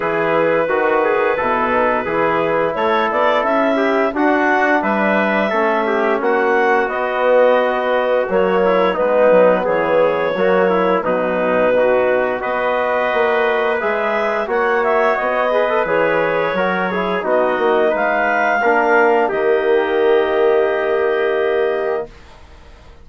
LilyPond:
<<
  \new Staff \with { instrumentName = "clarinet" } { \time 4/4 \tempo 4 = 87 b'1 | cis''8 d''8 e''4 fis''4 e''4~ | e''4 fis''4 dis''2 | cis''4 b'4 cis''2 |
b'2 dis''2 | e''4 fis''8 e''8 dis''4 cis''4~ | cis''4 dis''4 f''2 | dis''1 | }
  \new Staff \with { instrumentName = "trumpet" } { \time 4/4 gis'4 fis'8 gis'8 a'4 gis'4 | a'4. g'8 fis'4 b'4 | a'8 g'8 fis'2.~ | fis'8 e'8 dis'4 gis'4 fis'8 e'8 |
dis'4 fis'4 b'2~ | b'4 cis''4. b'4. | ais'8 gis'8 fis'4 b'4 ais'4 | g'1 | }
  \new Staff \with { instrumentName = "trombone" } { \time 4/4 e'4 fis'4 e'8 dis'8 e'4~ | e'2 d'2 | cis'2 b2 | ais4 b2 ais4 |
fis4 dis'4 fis'2 | gis'4 fis'4. gis'16 a'16 gis'4 | fis'8 e'8 dis'2 d'4 | ais1 | }
  \new Staff \with { instrumentName = "bassoon" } { \time 4/4 e4 dis4 b,4 e4 | a8 b8 cis'4 d'4 g4 | a4 ais4 b2 | fis4 gis8 fis8 e4 fis4 |
b,2 b4 ais4 | gis4 ais4 b4 e4 | fis4 b8 ais8 gis4 ais4 | dis1 | }
>>